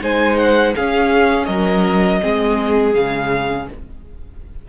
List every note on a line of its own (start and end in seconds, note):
0.00 0.74 G#3
0.00 0.73 D#4
0.00 0.75 C5
0.00 0.37 G#5
0.37 0.74 F#5
0.75 2.21 C#4
0.75 1.47 C#4
0.75 1.47 G#4
0.75 1.45 F5
1.45 2.21 F#3
1.45 2.20 A#4
1.45 2.91 D#5
2.21 2.95 G#3
2.21 2.92 C4
2.21 3.69 G#4
2.92 3.68 C#3
2.92 3.65 G#3
2.92 3.67 F5